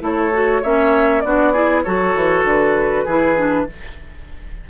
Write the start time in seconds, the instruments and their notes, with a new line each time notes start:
0.00 bassoon A3, clarinet E4, oboe A4, flute C#5
0.32 clarinet F#4
0.61 bassoon A#3, clarinet C#4, oboe C#5, flute E5
1.20 bassoon B3, clarinet D4, oboe F#4, flute D5
1.52 clarinet E4, oboe G#4
1.83 bassoon F#3, clarinet F#4, oboe A4, flute C#5
2.15 bassoon E3
2.43 bassoon D3, flute B4
3.04 bassoon E3, clarinet E4, oboe G#4
3.36 clarinet D4